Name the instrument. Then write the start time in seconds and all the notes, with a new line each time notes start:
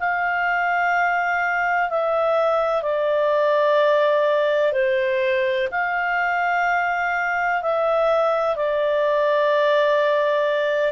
clarinet
0.00 F5
1.90 E5
2.83 D5
4.73 C5
5.71 F5
7.62 E5
8.56 D5